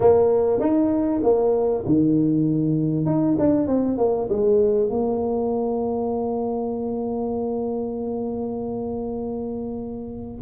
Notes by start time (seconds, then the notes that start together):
0.00 A#3
0.60 D#4
1.23 A#3
1.86 D#3
3.05 D#4
3.38 D4
3.67 C4
3.97 A#3
4.29 G#3
4.89 A#3